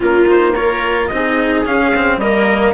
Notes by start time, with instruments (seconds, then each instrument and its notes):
0.00 bassoon A#3, cello C#4, viola F4, trumpet A#4
0.26 cello D#4, trumpet C5
0.54 cello F4, viola A#4, trumpet C#5
1.07 bassoon C4, cello D#4, trumpet D#5
1.14 viola G#4
1.65 cello C#4, bassoon C#4, trumpet F5
1.94 cello C4
2.17 bassoon G3, cello A#3, viola A#4, trumpet D#5